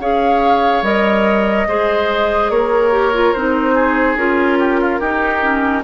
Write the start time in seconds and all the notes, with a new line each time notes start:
0.00 C#4 G#4 C#5 F5
0.82 G3 A#4 D#5
1.68 G#3 G#4 C5
2.50 A#3 A#4 C#5
2.91 G4
3.14 F4
3.33 C4 D#4 C5
3.75 G#4
4.16 C#4 F4 A#4
4.59 G4
4.81 F4
5.00 D#4 G4
5.42 C#4